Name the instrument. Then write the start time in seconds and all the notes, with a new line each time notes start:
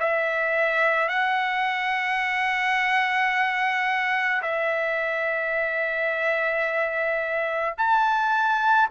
trumpet
0.00 E5
1.09 F#5
4.43 E5
7.78 A5